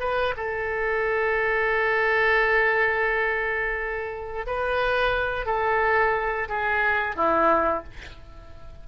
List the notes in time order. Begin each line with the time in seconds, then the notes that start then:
0.00 B4
0.37 A4
4.47 B4
5.46 A4
6.49 G#4
7.16 E4